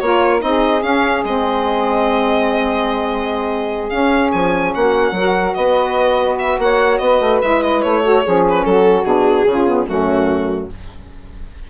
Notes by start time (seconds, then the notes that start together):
0.00 A#3 F4 A#4 C#5
0.40 C4 D#4 D#5
0.47 G#4
0.83 C#4 F5
1.25 G#3 C4 D#5
3.90 C#4 F5
4.32 F3 G#5
4.75 A#3 F#4 F#5
5.12 F#3 F#4 A#4
5.55 B3 B4 D#5
6.39 E5
6.59 A#3 C#5 F#5
6.98 B3 B4 D#5
7.20 A3
7.42 G#3 E4 E5
7.63 D#5
7.82 A3 C#5
8.03 F#4 A4
8.24 F3 C#4 G#4
8.49 B4
8.65 F#3 F#4 A4
9.04 B2 D4 G#4
9.46 C#3 C#4 F4
9.68 B3
9.87 F#2 A3 C#4 F#4